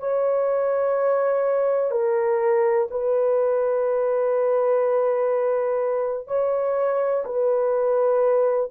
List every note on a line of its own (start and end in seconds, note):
0.00 1.91 C#5
1.91 2.88 A#4
2.91 6.28 B4
6.28 7.25 C#5
7.26 8.71 B4